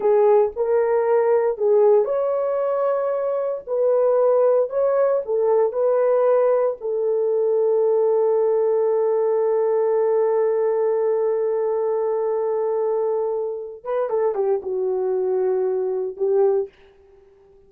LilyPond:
\new Staff \with { instrumentName = "horn" } { \time 4/4 \tempo 4 = 115 gis'4 ais'2 gis'4 | cis''2. b'4~ | b'4 cis''4 a'4 b'4~ | b'4 a'2.~ |
a'1~ | a'1~ | a'2~ a'8 b'8 a'8 g'8 | fis'2. g'4 | }